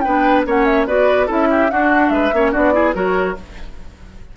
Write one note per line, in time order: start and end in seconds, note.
0.00 0.46 B3
0.00 0.46 D4
0.00 0.46 B4
0.00 0.42 G5
0.46 0.87 A#3
0.46 0.87 C#4
0.46 0.87 C#5
0.46 0.65 F#5
0.65 0.86 E5
0.87 1.28 B3
0.87 1.27 F#4
0.87 1.26 B4
0.87 1.28 D5
1.26 1.70 C#4
1.26 1.69 E4
1.26 1.47 A4
1.26 1.70 E5
1.50 1.71 G4
1.70 2.33 D4
1.70 2.09 D4
1.70 2.13 F#4
1.70 2.09 F#5
2.09 2.30 G#3
2.09 2.34 B4
2.09 2.51 E5
2.33 2.54 A#3
2.33 2.52 C#4
2.33 2.52 C#5
2.52 2.94 B3
2.52 2.72 D4
2.52 2.73 F#4
2.52 2.94 D5
2.72 2.93 E4
2.72 2.95 G#4
2.94 3.36 F#3
2.94 3.35 F#4
2.94 3.36 A#4
2.94 3.36 C#5